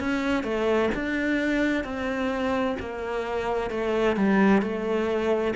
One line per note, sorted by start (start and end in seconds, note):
0.00 0.44 C#4
0.44 0.90 A3
0.95 1.85 D4
1.85 2.77 C4
2.80 3.70 A#3
3.70 4.17 A3
4.17 4.62 G3
4.62 5.55 A3